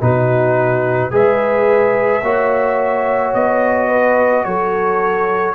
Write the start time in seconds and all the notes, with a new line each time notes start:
0.00 B2 D#4 F#4 B4
1.11 G#3 G#4 B4 E5
2.22 A#3 F#4 C#5
3.34 B3 D#5
3.88 B4
4.44 F#3 A4 C#5